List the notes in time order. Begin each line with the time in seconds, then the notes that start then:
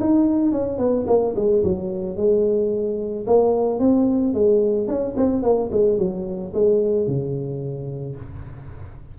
0.00 D#4
0.52 C#4
0.78 B3
1.07 A#3
1.35 G#3
1.64 F#3
2.17 G#3
3.27 A#3
3.79 C4
4.34 G#3
4.88 C#4
5.16 C4
5.42 A#3
5.71 G#3
5.98 F#3
6.54 G#3
7.07 C#3